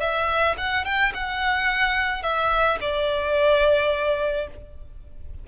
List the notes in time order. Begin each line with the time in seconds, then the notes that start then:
0.00 E5
0.58 F#5
0.85 G5
1.14 F#5
2.23 E5
2.81 D5